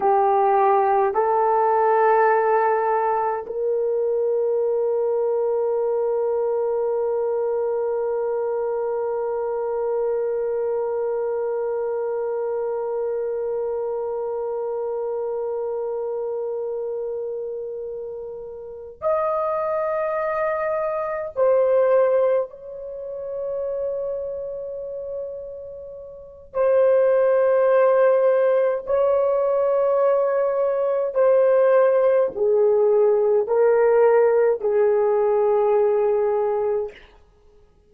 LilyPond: \new Staff \with { instrumentName = "horn" } { \time 4/4 \tempo 4 = 52 g'4 a'2 ais'4~ | ais'1~ | ais'1~ | ais'1~ |
ais'8 dis''2 c''4 cis''8~ | cis''2. c''4~ | c''4 cis''2 c''4 | gis'4 ais'4 gis'2 | }